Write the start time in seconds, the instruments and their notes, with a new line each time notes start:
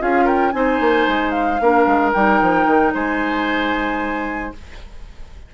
0.00 bassoon C#4, clarinet F4, oboe G#4, flute F5
0.25 oboe A#4, flute G5
0.52 bassoon C4, clarinet D#4, oboe C5, flute G#5
0.80 bassoon A#3
1.08 bassoon G#3
1.31 flute F5
1.61 bassoon A#3, clarinet D4, oboe A#4
1.87 bassoon G#3
2.13 bassoon G3, clarinet D#4, flute G5
2.42 bassoon F3
2.67 bassoon D#3
2.94 bassoon G#3, oboe C5, flute G#5